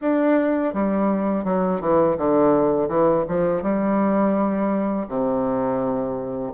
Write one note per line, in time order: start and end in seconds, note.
0.01 0.73 D4
0.73 1.44 G3
1.44 1.80 F#3
1.81 2.17 E3
2.17 2.88 D3
2.88 3.24 E3
3.28 3.62 F3
3.62 5.07 G3
5.08 6.52 C3